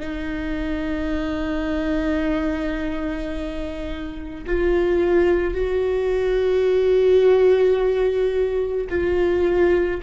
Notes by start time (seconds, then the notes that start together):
0.00 D#4
4.46 F4
5.54 F#4
8.89 F4